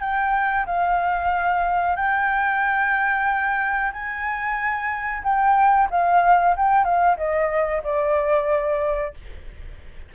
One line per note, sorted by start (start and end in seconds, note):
0.00 0.65 G5
0.66 1.96 F5
1.96 3.91 G5
3.92 5.22 G#5
5.23 5.88 G5
5.90 6.55 F5
6.56 6.84 G5
6.84 7.17 F5
7.17 7.82 D#5
7.83 9.14 D5